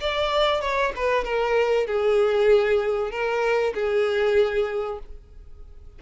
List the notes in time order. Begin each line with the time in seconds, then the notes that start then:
0.00 D5
0.61 C#5
0.95 B4
1.24 A#4
1.86 G#4
3.11 A#4
3.74 G#4